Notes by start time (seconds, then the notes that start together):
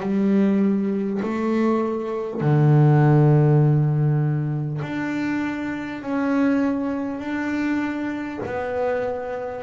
0.00 G3
1.22 A3
2.41 D3
4.82 D4
6.02 C#4
7.19 D4
8.45 B3